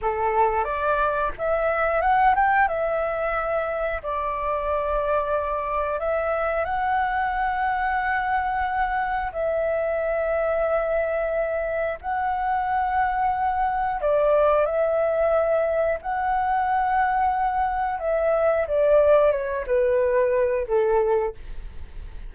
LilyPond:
\new Staff \with { instrumentName = "flute" } { \time 4/4 \tempo 4 = 90 a'4 d''4 e''4 fis''8 g''8 | e''2 d''2~ | d''4 e''4 fis''2~ | fis''2 e''2~ |
e''2 fis''2~ | fis''4 d''4 e''2 | fis''2. e''4 | d''4 cis''8 b'4. a'4 | }